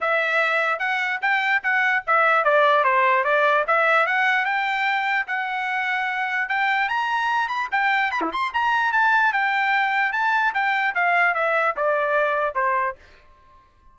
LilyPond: \new Staff \with { instrumentName = "trumpet" } { \time 4/4 \tempo 4 = 148 e''2 fis''4 g''4 | fis''4 e''4 d''4 c''4 | d''4 e''4 fis''4 g''4~ | g''4 fis''2. |
g''4 ais''4. b''8 g''4 | b''16 e'16 c'''8 ais''4 a''4 g''4~ | g''4 a''4 g''4 f''4 | e''4 d''2 c''4 | }